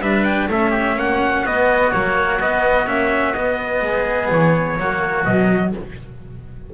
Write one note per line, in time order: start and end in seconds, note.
0.00 0.48 G3
0.00 0.50 D4
0.00 0.50 B4
0.00 0.24 E5
0.24 0.48 G5
0.48 0.96 A3
0.48 1.46 C#4
0.48 0.71 A4
0.48 0.99 E5
0.71 0.94 G4
0.96 1.43 A#3
0.96 3.85 F#4
0.96 1.46 F#5
1.45 1.92 B3
1.45 1.92 D#5
1.92 2.42 F#3
1.92 2.40 A#3
1.92 2.39 C#5
2.40 2.87 B3
2.40 2.88 B3
2.40 2.88 D#5
2.87 3.35 A#3
2.87 3.35 C#4
2.87 3.34 E5
3.34 3.82 B3
3.34 4.80 B3
3.34 4.30 D#5
3.82 4.29 G#3
3.82 4.79 G#4
4.31 4.78 E3
4.31 5.25 C#5
4.78 5.25 F#3
4.78 5.26 A#3
4.78 5.75 F#4
5.25 5.73 B2
5.25 5.74 F#3
5.25 5.72 D#5